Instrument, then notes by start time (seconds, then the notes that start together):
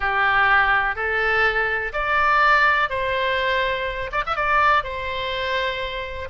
oboe
0.00 G4
0.95 A4
1.92 D5
2.89 C5
4.12 D5
4.26 E5
4.35 D5
4.83 C5